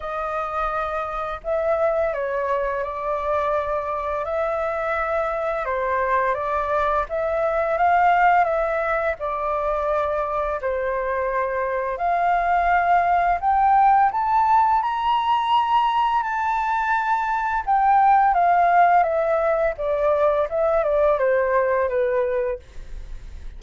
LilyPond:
\new Staff \with { instrumentName = "flute" } { \time 4/4 \tempo 4 = 85 dis''2 e''4 cis''4 | d''2 e''2 | c''4 d''4 e''4 f''4 | e''4 d''2 c''4~ |
c''4 f''2 g''4 | a''4 ais''2 a''4~ | a''4 g''4 f''4 e''4 | d''4 e''8 d''8 c''4 b'4 | }